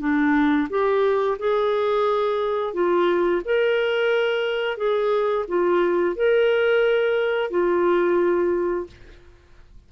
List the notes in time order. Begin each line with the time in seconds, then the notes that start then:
0.00 D4
0.70 G4
1.39 G#4
2.73 F4
3.45 A#4
4.77 G#4
5.48 F4
6.16 A#4
7.51 F4